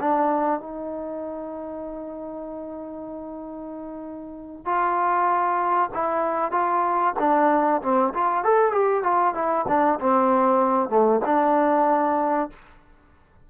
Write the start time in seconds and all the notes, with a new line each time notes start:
0.00 D4
0.60 D#4
4.65 F4
5.94 E4
6.51 F4
7.19 D4
7.82 C4
8.14 F4
8.44 A4
8.72 G4
9.03 F4
9.34 E4
9.68 D4
10.00 C4
10.89 A3
11.25 D4